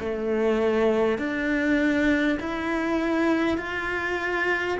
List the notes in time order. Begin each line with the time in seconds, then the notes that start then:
0.00 A3
1.18 D4
2.40 E4
3.58 F4